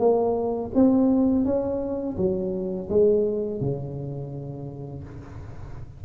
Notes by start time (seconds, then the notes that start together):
0.00 A#3
0.75 C4
1.45 C#4
2.18 F#3
2.90 G#3
3.61 C#3